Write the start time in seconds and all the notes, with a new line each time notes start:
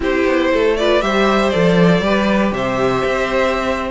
0.00 C4 E4 G4 C5
0.25 B3
0.53 A3 A4
0.76 F4 B4 D5
1.01 G3 G4 C5 E5
1.50 F3 A4 D5
2.00 G3 G4 B4
2.51 C3 C5 E5
3.04 C4